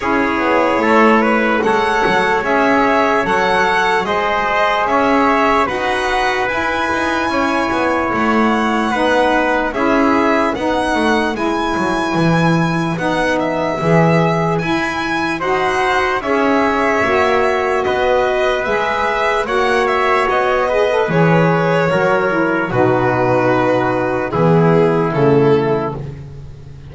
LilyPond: <<
  \new Staff \with { instrumentName = "violin" } { \time 4/4 \tempo 4 = 74 cis''2 fis''4 e''4 | fis''4 dis''4 e''4 fis''4 | gis''2 fis''2 | e''4 fis''4 gis''2 |
fis''8 e''4. gis''4 fis''4 | e''2 dis''4 e''4 | fis''8 e''8 dis''4 cis''2 | b'2 gis'4 a'4 | }
  \new Staff \with { instrumentName = "trumpet" } { \time 4/4 gis'4 a'8 b'8 cis''2~ | cis''4 c''4 cis''4 b'4~ | b'4 cis''2 b'4 | gis'4 b'2.~ |
b'2. c''4 | cis''2 b'2 | cis''4. b'4. ais'4 | fis'2 e'2 | }
  \new Staff \with { instrumentName = "saxophone" } { \time 4/4 e'2 a'4 gis'4 | a'4 gis'2 fis'4 | e'2. dis'4 | e'4 dis'4 e'2 |
dis'4 gis'4 e'4 fis'4 | gis'4 fis'2 gis'4 | fis'4. gis'16 a'16 gis'4 fis'8 e'8 | dis'2 b4 a4 | }
  \new Staff \with { instrumentName = "double bass" } { \time 4/4 cis'8 b8 a4 gis8 fis8 cis'4 | fis4 gis4 cis'4 dis'4 | e'8 dis'8 cis'8 b8 a4 b4 | cis'4 b8 a8 gis8 fis8 e4 |
b4 e4 e'4 dis'4 | cis'4 ais4 b4 gis4 | ais4 b4 e4 fis4 | b,2 e4 cis4 | }
>>